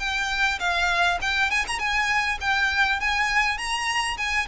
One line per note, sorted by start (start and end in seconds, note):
0.00 0.59 G5
0.60 1.19 F5
1.22 1.51 G5
1.51 1.66 G#5
1.68 1.79 A#5
1.79 2.39 G#5
2.41 3.01 G5
3.01 3.58 G#5
3.58 4.18 A#5
4.18 4.47 G#5